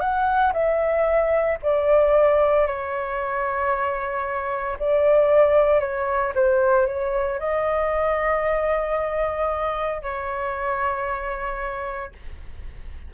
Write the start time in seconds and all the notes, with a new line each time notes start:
0.00 F#5
0.53 E5
1.63 D5
2.67 C#5
4.79 D5
5.80 C#5
6.35 C5
6.87 C#5
7.39 D#5
10.02 C#5